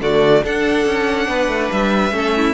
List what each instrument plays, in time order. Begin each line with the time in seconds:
0.00 cello D3, viola A3, violin F#4 D5
0.44 cello D4, viola D4, violin A4 F#5
0.86 cello C#4
1.27 cello B3, violin B4
1.48 cello A3
1.71 cello G3, violin E5
2.12 cello A3, viola C#4, violin A4
2.36 violin E4